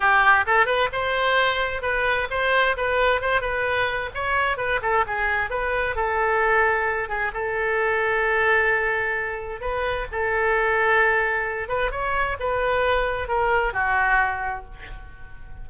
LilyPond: \new Staff \with { instrumentName = "oboe" } { \time 4/4 \tempo 4 = 131 g'4 a'8 b'8 c''2 | b'4 c''4 b'4 c''8 b'8~ | b'4 cis''4 b'8 a'8 gis'4 | b'4 a'2~ a'8 gis'8 |
a'1~ | a'4 b'4 a'2~ | a'4. b'8 cis''4 b'4~ | b'4 ais'4 fis'2 | }